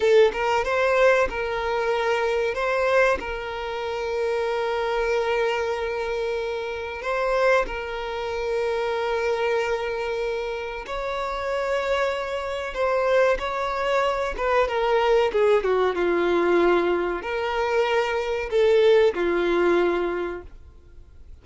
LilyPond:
\new Staff \with { instrumentName = "violin" } { \time 4/4 \tempo 4 = 94 a'8 ais'8 c''4 ais'2 | c''4 ais'2.~ | ais'2. c''4 | ais'1~ |
ais'4 cis''2. | c''4 cis''4. b'8 ais'4 | gis'8 fis'8 f'2 ais'4~ | ais'4 a'4 f'2 | }